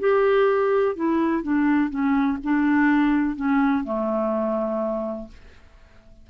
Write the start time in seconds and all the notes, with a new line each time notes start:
0.00 G4
0.96 E4
1.43 D4
1.90 C#4
2.44 D4
3.36 C#4
3.84 A3